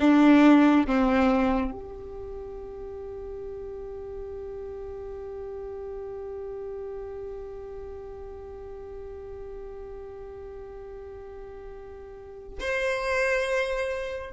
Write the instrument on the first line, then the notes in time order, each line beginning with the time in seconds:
violin
0.00 D4
0.87 C4
1.72 G4
12.60 C5